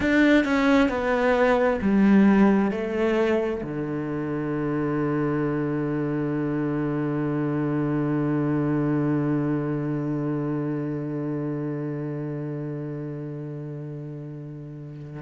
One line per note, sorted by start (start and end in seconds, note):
0.00 0.44 D4
0.44 0.88 C#4
0.88 1.79 B3
1.81 2.71 G3
2.71 3.62 A3
3.62 15.21 D3